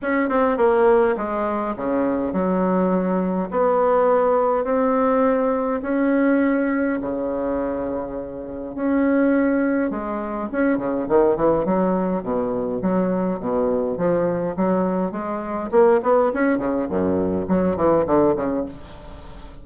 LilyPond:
\new Staff \with { instrumentName = "bassoon" } { \time 4/4 \tempo 4 = 103 cis'8 c'8 ais4 gis4 cis4 | fis2 b2 | c'2 cis'2 | cis2. cis'4~ |
cis'4 gis4 cis'8 cis8 dis8 e8 | fis4 b,4 fis4 b,4 | f4 fis4 gis4 ais8 b8 | cis'8 cis8 fis,4 fis8 e8 d8 cis8 | }